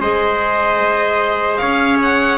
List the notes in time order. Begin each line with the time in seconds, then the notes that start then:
0.00 G#3 G#4 C5 D#5
1.57 C#4 C#5 F5
2.02 F#5